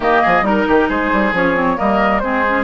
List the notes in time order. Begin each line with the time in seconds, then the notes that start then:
0.00 D#3 A#3 G4 D#5
0.22 F3 G#4
0.41 G3 D#4 A#4
0.67 D#3 G4
0.88 G#3 G#4 C5
1.12 G3
1.32 F3 C#4 C#5
1.55 C4
1.75 G3 A#3 A#4 D#5
2.19 G#3 C4 G#4 C5
2.47 C#4